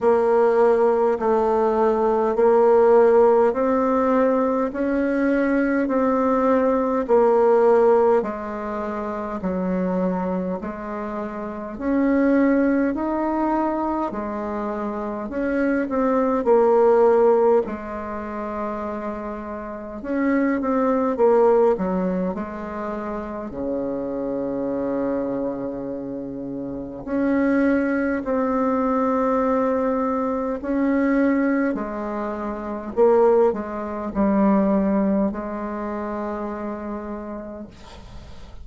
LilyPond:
\new Staff \with { instrumentName = "bassoon" } { \time 4/4 \tempo 4 = 51 ais4 a4 ais4 c'4 | cis'4 c'4 ais4 gis4 | fis4 gis4 cis'4 dis'4 | gis4 cis'8 c'8 ais4 gis4~ |
gis4 cis'8 c'8 ais8 fis8 gis4 | cis2. cis'4 | c'2 cis'4 gis4 | ais8 gis8 g4 gis2 | }